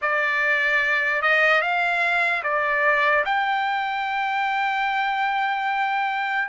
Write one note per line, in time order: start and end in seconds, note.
0.01 1.22 D5
1.22 1.61 D#5
1.61 2.43 F5
2.43 3.24 D5
3.25 6.48 G5